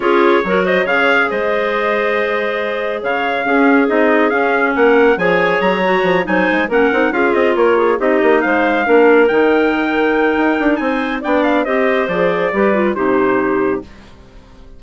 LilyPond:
<<
  \new Staff \with { instrumentName = "trumpet" } { \time 4/4 \tempo 4 = 139 cis''4. dis''8 f''4 dis''4~ | dis''2. f''4~ | f''4 dis''4 f''4 fis''4 | gis''4 ais''4. gis''4 fis''8~ |
fis''8 f''8 dis''8 cis''4 dis''4 f''8~ | f''4. g''2~ g''8~ | g''4 gis''4 g''8 f''8 dis''4 | d''2 c''2 | }
  \new Staff \with { instrumentName = "clarinet" } { \time 4/4 gis'4 ais'8 c''8 cis''4 c''4~ | c''2. cis''4 | gis'2. ais'4 | cis''2~ cis''8 c''4 ais'8~ |
ais'8 gis'4 ais'8 gis'8 g'4 c''8~ | c''8 ais'2.~ ais'8~ | ais'4 c''4 d''4 c''4~ | c''4 b'4 g'2 | }
  \new Staff \with { instrumentName = "clarinet" } { \time 4/4 f'4 fis'4 gis'2~ | gis'1 | cis'4 dis'4 cis'2 | gis'4. fis'4 dis'4 cis'8 |
dis'8 f'2 dis'4.~ | dis'8 d'4 dis'2~ dis'8~ | dis'2 d'4 g'4 | gis'4 g'8 f'8 dis'2 | }
  \new Staff \with { instrumentName = "bassoon" } { \time 4/4 cis'4 fis4 cis4 gis4~ | gis2. cis4 | cis'4 c'4 cis'4 ais4 | f4 fis4 f8 fis8 gis8 ais8 |
c'8 cis'8 c'8 ais4 c'8 ais8 gis8~ | gis8 ais4 dis2~ dis8 | dis'8 d'8 c'4 b4 c'4 | f4 g4 c2 | }
>>